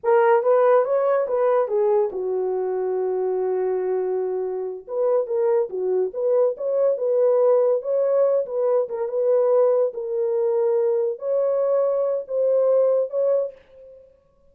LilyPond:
\new Staff \with { instrumentName = "horn" } { \time 4/4 \tempo 4 = 142 ais'4 b'4 cis''4 b'4 | gis'4 fis'2.~ | fis'2.~ fis'8 b'8~ | b'8 ais'4 fis'4 b'4 cis''8~ |
cis''8 b'2 cis''4. | b'4 ais'8 b'2 ais'8~ | ais'2~ ais'8 cis''4.~ | cis''4 c''2 cis''4 | }